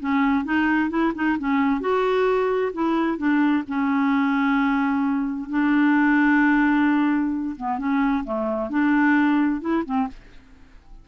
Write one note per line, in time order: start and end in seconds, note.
0.00 0.45 C#4
0.45 0.90 D#4
0.90 1.13 E4
1.15 1.38 D#4
1.39 1.81 C#4
1.81 2.72 F#4
2.74 3.18 E4
3.18 3.64 D4
3.68 5.50 C#4
5.50 7.56 D4
7.57 7.78 B3
7.78 8.24 C#4
8.24 8.70 A3
8.70 9.61 D4
9.61 9.84 E4
9.85 10.08 C4